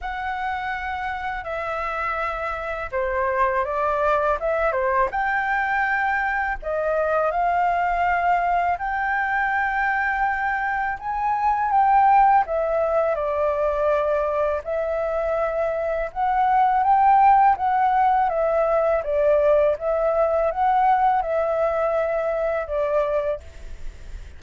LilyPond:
\new Staff \with { instrumentName = "flute" } { \time 4/4 \tempo 4 = 82 fis''2 e''2 | c''4 d''4 e''8 c''8 g''4~ | g''4 dis''4 f''2 | g''2. gis''4 |
g''4 e''4 d''2 | e''2 fis''4 g''4 | fis''4 e''4 d''4 e''4 | fis''4 e''2 d''4 | }